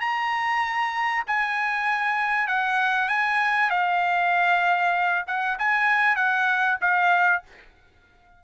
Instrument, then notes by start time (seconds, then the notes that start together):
trumpet
0.00 A#5
1.27 G#5
2.47 F#5
3.08 G#5
3.70 F5
5.27 F#5
5.58 G#5
6.16 F#5
6.81 F5